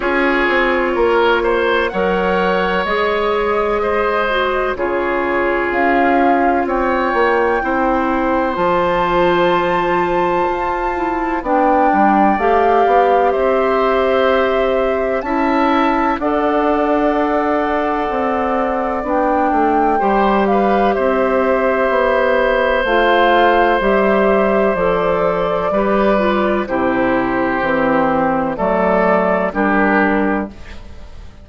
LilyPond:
<<
  \new Staff \with { instrumentName = "flute" } { \time 4/4 \tempo 4 = 63 cis''2 fis''4 dis''4~ | dis''4 cis''4 f''4 g''4~ | g''4 a''2. | g''4 f''4 e''2 |
a''4 fis''2. | g''4. f''8 e''2 | f''4 e''4 d''2 | c''2 d''4 ais'4 | }
  \new Staff \with { instrumentName = "oboe" } { \time 4/4 gis'4 ais'8 c''8 cis''2 | c''4 gis'2 cis''4 | c''1 | d''2 c''2 |
e''4 d''2.~ | d''4 c''8 b'8 c''2~ | c''2. b'4 | g'2 a'4 g'4 | }
  \new Staff \with { instrumentName = "clarinet" } { \time 4/4 f'2 ais'4 gis'4~ | gis'8 fis'8 f'2. | e'4 f'2~ f'8 e'8 | d'4 g'2. |
e'4 a'2. | d'4 g'2. | f'4 g'4 a'4 g'8 f'8 | e'4 c'4 a4 d'4 | }
  \new Staff \with { instrumentName = "bassoon" } { \time 4/4 cis'8 c'8 ais4 fis4 gis4~ | gis4 cis4 cis'4 c'8 ais8 | c'4 f2 f'4 | b8 g8 a8 b8 c'2 |
cis'4 d'2 c'4 | b8 a8 g4 c'4 b4 | a4 g4 f4 g4 | c4 e4 fis4 g4 | }
>>